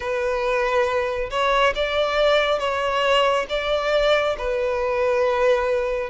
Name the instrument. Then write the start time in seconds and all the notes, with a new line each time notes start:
violin
0.00 B4
1.30 C#5
1.75 D5
2.59 C#5
3.49 D5
4.38 B4